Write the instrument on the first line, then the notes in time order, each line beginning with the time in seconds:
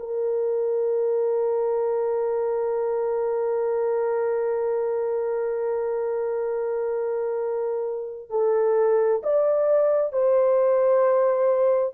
horn
0.00 A#4
8.30 A4
9.23 D5
10.13 C5